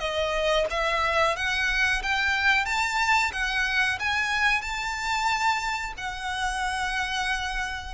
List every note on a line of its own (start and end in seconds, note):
0.00 0.66 D#5
0.70 1.36 E5
1.36 2.02 F#5
2.03 2.66 G5
2.66 3.31 A5
3.33 3.99 F#5
4.00 4.62 G#5
4.62 5.93 A5
5.98 7.94 F#5